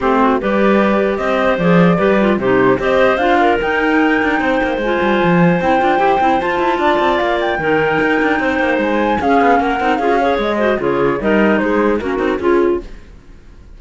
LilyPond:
<<
  \new Staff \with { instrumentName = "flute" } { \time 4/4 \tempo 4 = 150 c''4 d''2 dis''4 | d''2 c''4 dis''4 | f''4 g''2. | gis''2 g''2 |
a''2 f''8 g''4.~ | g''2 gis''4 f''4 | fis''4 f''4 dis''4 cis''4 | dis''4 c''4 ais'4 gis'4 | }
  \new Staff \with { instrumentName = "clarinet" } { \time 4/4 g'8 fis'8 b'2 c''4~ | c''4 b'4 g'4 c''4~ | c''8 ais'2~ ais'8 c''4~ | c''1~ |
c''4 d''2 ais'4~ | ais'4 c''2 gis'4 | ais'4 gis'8 cis''4 c''8 gis'4 | ais'4 gis'4 fis'4 f'4 | }
  \new Staff \with { instrumentName = "clarinet" } { \time 4/4 c'4 g'2. | gis'4 g'8 f'8 dis'4 g'4 | f'4 dis'2. | f'2 e'8 f'8 g'8 e'8 |
f'2. dis'4~ | dis'2. cis'4~ | cis'8 dis'8 f'16 fis'16 gis'4 fis'8 f'4 | dis'2 cis'8 dis'8 f'4 | }
  \new Staff \with { instrumentName = "cello" } { \time 4/4 a4 g2 c'4 | f4 g4 c4 c'4 | d'4 dis'4. d'8 c'8 ais8 | gis8 g8 f4 c'8 d'8 e'8 c'8 |
f'8 e'8 d'8 c'8 ais4 dis4 | dis'8 d'8 c'8 ais8 gis4 cis'8 b8 | ais8 c'8 cis'4 gis4 cis4 | g4 gis4 ais8 c'8 cis'4 | }
>>